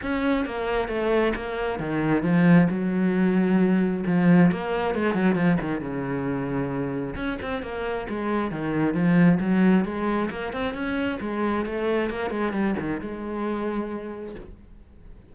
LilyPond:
\new Staff \with { instrumentName = "cello" } { \time 4/4 \tempo 4 = 134 cis'4 ais4 a4 ais4 | dis4 f4 fis2~ | fis4 f4 ais4 gis8 fis8 | f8 dis8 cis2. |
cis'8 c'8 ais4 gis4 dis4 | f4 fis4 gis4 ais8 c'8 | cis'4 gis4 a4 ais8 gis8 | g8 dis8 gis2. | }